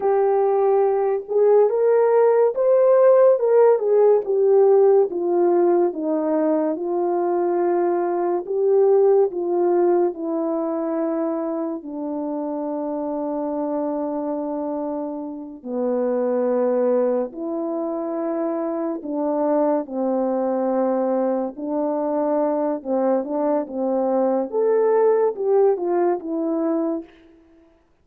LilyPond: \new Staff \with { instrumentName = "horn" } { \time 4/4 \tempo 4 = 71 g'4. gis'8 ais'4 c''4 | ais'8 gis'8 g'4 f'4 dis'4 | f'2 g'4 f'4 | e'2 d'2~ |
d'2~ d'8 b4.~ | b8 e'2 d'4 c'8~ | c'4. d'4. c'8 d'8 | c'4 a'4 g'8 f'8 e'4 | }